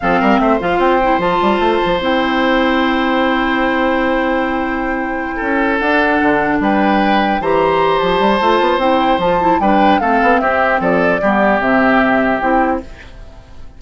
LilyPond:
<<
  \new Staff \with { instrumentName = "flute" } { \time 4/4 \tempo 4 = 150 f''4 e''8 f''8 g''4 a''4~ | a''4 g''2.~ | g''1~ | g''2~ g''8 fis''4.~ |
fis''8 g''2 ais''4. | a''2 g''4 a''4 | g''4 f''4 e''4 d''4~ | d''4 e''2 g''4 | }
  \new Staff \with { instrumentName = "oboe" } { \time 4/4 a'8 ais'8 c''2.~ | c''1~ | c''1~ | c''4. a'2~ a'8~ |
a'8 b'2 c''4.~ | c''1 | b'4 a'4 g'4 a'4 | g'1 | }
  \new Staff \with { instrumentName = "clarinet" } { \time 4/4 c'4. f'4 e'8 f'4~ | f'4 e'2.~ | e'1~ | e'2~ e'8 d'4.~ |
d'2~ d'8 g'4.~ | g'4 f'4 e'4 f'8 e'8 | d'4 c'2. | b4 c'2 e'4 | }
  \new Staff \with { instrumentName = "bassoon" } { \time 4/4 f8 g8 a8 f8 c'4 f8 g8 | a8 f8 c'2.~ | c'1~ | c'4. cis'4 d'4 d8~ |
d8 g2 e4. | f8 g8 a8 b8 c'4 f4 | g4 a8 b8 c'4 f4 | g4 c2 c'4 | }
>>